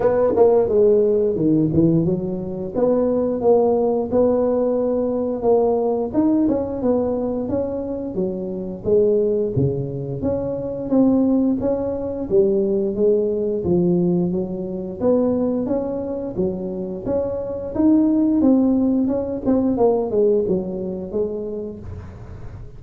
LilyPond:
\new Staff \with { instrumentName = "tuba" } { \time 4/4 \tempo 4 = 88 b8 ais8 gis4 dis8 e8 fis4 | b4 ais4 b2 | ais4 dis'8 cis'8 b4 cis'4 | fis4 gis4 cis4 cis'4 |
c'4 cis'4 g4 gis4 | f4 fis4 b4 cis'4 | fis4 cis'4 dis'4 c'4 | cis'8 c'8 ais8 gis8 fis4 gis4 | }